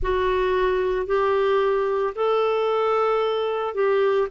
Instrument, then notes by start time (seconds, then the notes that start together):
clarinet
0.02 F#4
1.06 G4
2.15 A4
3.74 G4